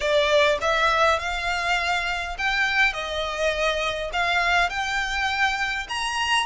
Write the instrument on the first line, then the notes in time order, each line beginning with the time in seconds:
violin
0.00 D5
0.61 E5
1.19 F5
2.37 G5
2.93 D#5
4.13 F5
4.69 G5
5.88 A#5